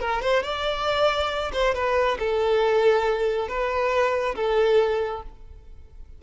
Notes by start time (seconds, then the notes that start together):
0.00 A#4
0.22 C5
0.43 D5
1.53 C5
1.74 B4
2.19 A4
3.48 B4
4.35 A4